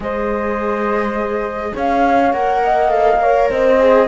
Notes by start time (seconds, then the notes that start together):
0.00 G#3 G#4 C5 D#5
1.73 C#4 C#5 F5
2.32 A#3 A#4 F#5
2.64 D#5
2.89 A4 F5
3.19 A#4 C#5
3.50 C4 C5 D#5
3.79 G#4